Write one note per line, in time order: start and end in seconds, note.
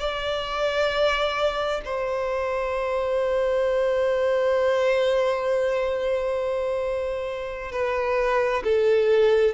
0.00 1.82 D5
1.85 7.72 C5
7.72 8.63 B4
8.64 9.55 A4